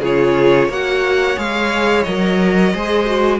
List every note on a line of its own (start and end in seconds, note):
0.00 0.68 C#3
0.00 0.71 F4
0.00 0.68 G#4
0.00 0.72 C#5
0.68 1.36 A#3
0.68 1.37 F#4
0.68 2.73 C#5
0.68 1.39 F#5
1.37 2.06 G#3
1.37 2.05 G#4
1.37 2.03 F5
2.03 2.74 F#3
2.03 2.74 A#4
2.03 3.39 D#5
2.74 3.40 G#3
2.74 3.06 G#4
2.74 3.40 C5
3.06 3.40 F#4